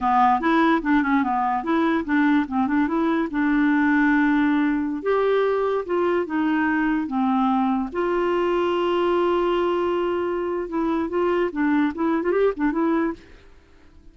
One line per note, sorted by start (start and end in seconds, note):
0.00 0.40 B3
0.40 0.81 E4
0.82 1.02 D4
1.02 1.23 C#4
1.23 1.63 B3
1.63 2.04 E4
2.05 2.46 D4
2.47 2.67 C4
2.67 2.87 D4
2.87 3.28 E4
3.30 5.02 D4
5.02 5.84 G4
5.85 6.26 F4
6.26 7.07 D#4
7.07 7.89 C4
7.92 10.68 F4
10.68 11.09 E4
11.09 11.50 F4
11.51 11.93 D4
11.95 12.22 E4
12.22 12.31 F4
12.31 12.52 G4
12.56 12.72 D4
12.72 13.13 E4